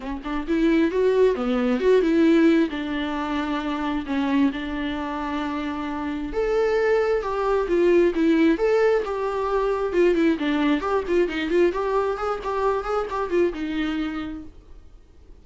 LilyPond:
\new Staff \with { instrumentName = "viola" } { \time 4/4 \tempo 4 = 133 cis'8 d'8 e'4 fis'4 b4 | fis'8 e'4. d'2~ | d'4 cis'4 d'2~ | d'2 a'2 |
g'4 f'4 e'4 a'4 | g'2 f'8 e'8 d'4 | g'8 f'8 dis'8 f'8 g'4 gis'8 g'8~ | g'8 gis'8 g'8 f'8 dis'2 | }